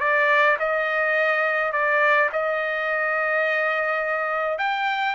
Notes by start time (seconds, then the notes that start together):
0.00 D5
0.59 D#5
1.72 D5
2.32 D#5
4.58 G5